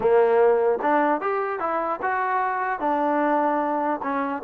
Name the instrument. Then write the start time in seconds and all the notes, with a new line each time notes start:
trombone
0.00 A#3
0.82 D4
1.20 G4
1.59 E4
2.02 F#4
2.79 D4
4.02 C#4